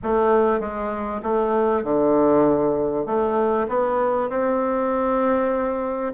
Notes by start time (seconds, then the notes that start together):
0.03 A3
0.60 G#3
1.22 A3
1.83 D3
3.06 A3
3.68 B3
4.29 C4